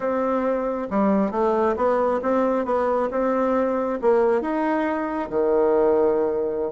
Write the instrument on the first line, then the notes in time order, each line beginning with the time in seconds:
bassoon
0.00 C4
0.90 G3
1.31 A3
1.76 B3
2.22 C4
2.65 B3
3.10 C4
4.01 A#3
4.41 D#4
5.29 D#3